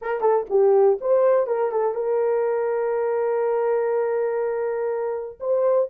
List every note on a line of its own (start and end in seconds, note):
0.01 0.21 A#4
0.21 0.45 A4
0.49 0.98 G4
1.00 1.46 C5
1.46 1.71 A#4
1.71 1.94 A4
1.94 5.38 A#4
5.39 5.89 C5